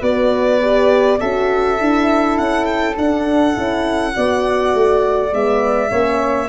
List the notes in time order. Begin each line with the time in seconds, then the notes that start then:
0.00 B3 F#4 B4 D5
0.62 G4
1.19 C#4 F#4 A4 E5
1.78 D4 E4
2.38 C#4 F#5
2.65 G5
2.97 D4 F#5
3.53 C#4 E4
4.12 B3 F#4 D5
4.74 A3
5.32 G#3 B3 E5
5.89 A#3 C#4 C#5